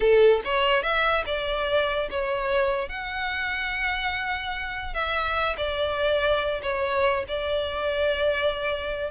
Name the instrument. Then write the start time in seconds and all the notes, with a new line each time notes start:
violin
0.00 A4
0.44 C#5
0.82 E5
1.26 D5
2.10 C#5
2.89 F#5
4.94 E5
5.57 D5
6.62 C#5
7.28 D5